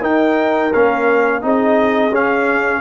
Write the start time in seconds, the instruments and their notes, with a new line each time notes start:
0.00 tuba D#4, trombone D#4, horn A#4, trumpet G5
0.73 tuba A#3, trombone C#4, trumpet F5
1.41 tuba C4, trombone D#4, horn G#4, trumpet D#5
2.09 tuba C#4, trombone C#4, trumpet F5